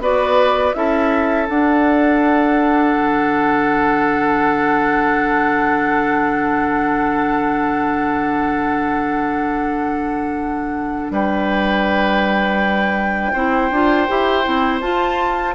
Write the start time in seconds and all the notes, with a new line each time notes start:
0.00 B3 F#4 B4 D5
0.74 C#4 E4 A4 E5
1.49 D4 F#5
2.95 D3
11.10 G3 B4 G5
13.33 C4 E4 C5
13.71 D4 F4
14.08 E4 G4
14.44 C4 E4
14.81 F4 A5